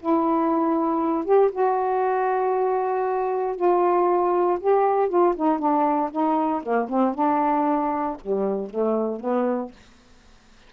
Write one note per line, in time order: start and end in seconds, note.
0.00 1.25 E4
1.25 1.51 G4
1.52 3.56 F#4
3.56 4.59 F4
4.60 5.09 G4
5.09 5.35 F4
5.36 5.59 D#4
5.59 6.10 D4
6.11 6.62 D#4
6.63 6.89 A#3
6.89 7.14 C4
7.15 8.17 D4
8.21 8.70 G3
8.70 9.20 A3
9.20 9.72 B3